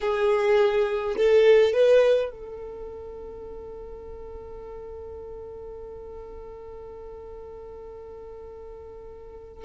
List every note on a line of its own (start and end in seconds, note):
0.00 1.16 G#4
1.16 1.73 A4
1.73 2.30 B4
2.31 9.64 A4